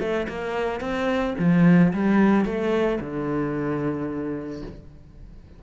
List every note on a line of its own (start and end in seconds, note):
0.00 0.27 A3
0.29 0.81 A#3
0.81 1.35 C4
1.39 1.93 F3
1.94 2.46 G3
2.46 3.00 A3
3.00 4.63 D3